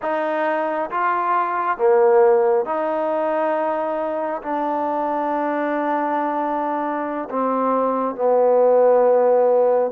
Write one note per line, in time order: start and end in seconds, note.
0.02 0.90 D#4
0.90 1.77 F4
1.77 2.65 A#3
2.65 4.41 D#4
4.42 7.28 D4
7.30 8.15 C4
8.15 9.91 B3